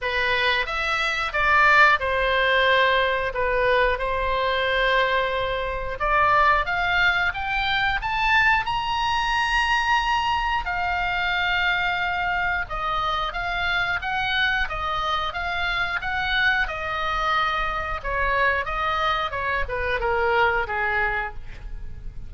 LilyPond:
\new Staff \with { instrumentName = "oboe" } { \time 4/4 \tempo 4 = 90 b'4 e''4 d''4 c''4~ | c''4 b'4 c''2~ | c''4 d''4 f''4 g''4 | a''4 ais''2. |
f''2. dis''4 | f''4 fis''4 dis''4 f''4 | fis''4 dis''2 cis''4 | dis''4 cis''8 b'8 ais'4 gis'4 | }